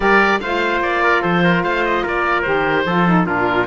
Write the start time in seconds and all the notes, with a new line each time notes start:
0.00 G3 G4 A#4 D5
0.40 A3 F4 C5 F5
0.80 A#3 D5
1.03 A#4
1.22 F3 A4 C5
1.43 A#4
1.63 A3 C5 F5
1.85 D#5
2.03 A#3 A#4 D5
2.42 D#3 G4 C5
2.85 F3 F4 A4
3.06 D#4
3.26 A#2 D4 F4 A#4